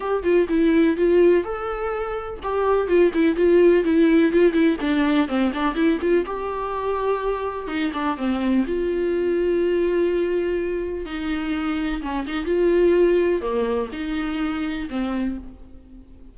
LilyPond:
\new Staff \with { instrumentName = "viola" } { \time 4/4 \tempo 4 = 125 g'8 f'8 e'4 f'4 a'4~ | a'4 g'4 f'8 e'8 f'4 | e'4 f'8 e'8 d'4 c'8 d'8 | e'8 f'8 g'2. |
dis'8 d'8 c'4 f'2~ | f'2. dis'4~ | dis'4 cis'8 dis'8 f'2 | ais4 dis'2 c'4 | }